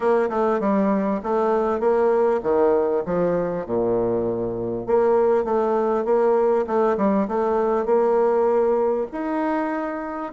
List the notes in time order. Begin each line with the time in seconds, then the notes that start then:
0.00 A#3
0.29 A3
0.60 G3
1.23 A3
1.79 A#3
2.42 D#3
3.05 F3
3.65 A#2
4.86 A#3
5.44 A3
6.04 A#3
6.66 A3
6.97 G3
7.28 A3
7.85 A#3
9.12 D#4